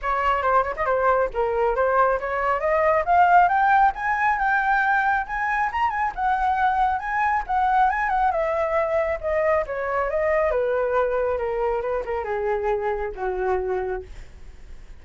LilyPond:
\new Staff \with { instrumentName = "flute" } { \time 4/4 \tempo 4 = 137 cis''4 c''8 cis''16 dis''16 c''4 ais'4 | c''4 cis''4 dis''4 f''4 | g''4 gis''4 g''2 | gis''4 ais''8 gis''8 fis''2 |
gis''4 fis''4 gis''8 fis''8 e''4~ | e''4 dis''4 cis''4 dis''4 | b'2 ais'4 b'8 ais'8 | gis'2 fis'2 | }